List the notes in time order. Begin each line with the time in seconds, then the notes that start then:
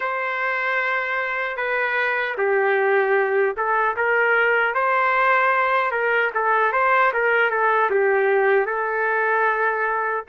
0.00 C5
1.56 B4
2.37 G4
3.56 A4
3.96 A#4
4.74 C5
5.91 A#4
6.34 A4
6.72 C5
7.13 A#4
7.50 A4
7.90 G4
8.66 A4